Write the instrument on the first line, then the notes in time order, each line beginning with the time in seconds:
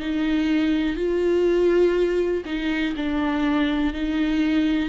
viola
0.00 D#4
0.97 F4
2.46 D#4
2.96 D4
3.94 D#4